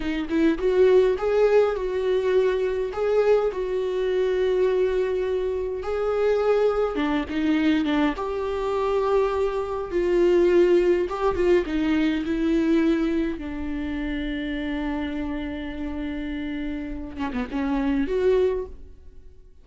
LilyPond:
\new Staff \with { instrumentName = "viola" } { \time 4/4 \tempo 4 = 103 dis'8 e'8 fis'4 gis'4 fis'4~ | fis'4 gis'4 fis'2~ | fis'2 gis'2 | d'8 dis'4 d'8 g'2~ |
g'4 f'2 g'8 f'8 | dis'4 e'2 d'4~ | d'1~ | d'4. cis'16 b16 cis'4 fis'4 | }